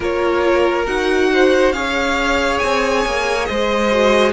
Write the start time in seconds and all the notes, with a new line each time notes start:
0.00 A#3 F4 A#4 C#5
0.86 D#4 F#4 F#5
1.33 C5
1.72 C#4 G#4 C#5 F5
2.58 C4 G#5
3.05 A#3
3.45 G#3 C5 D#5
3.91 F#4